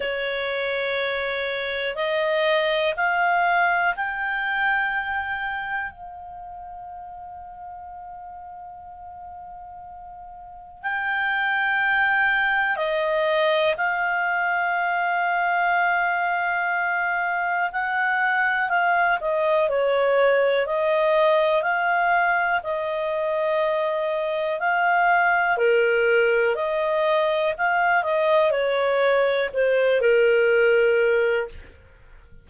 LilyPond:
\new Staff \with { instrumentName = "clarinet" } { \time 4/4 \tempo 4 = 61 cis''2 dis''4 f''4 | g''2 f''2~ | f''2. g''4~ | g''4 dis''4 f''2~ |
f''2 fis''4 f''8 dis''8 | cis''4 dis''4 f''4 dis''4~ | dis''4 f''4 ais'4 dis''4 | f''8 dis''8 cis''4 c''8 ais'4. | }